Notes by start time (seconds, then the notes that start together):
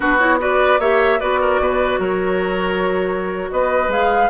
0.00 B3 D4 F#4 B4
0.19 E4 C#5
0.39 F#4 B4 D5
0.79 A#3 G4 C#5 E5
1.20 B3 F#4 B4 D5
1.40 A#4
1.59 B2 B4
1.98 F#3 A#4 C#5
3.51 B3 B4 D#5
3.88 G#3 G#4 F5